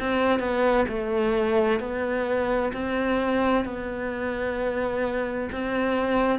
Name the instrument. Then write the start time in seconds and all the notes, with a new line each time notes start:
cello
0.00 C4
0.40 B3
0.89 A3
1.80 B3
2.73 C4
3.65 B3
5.53 C4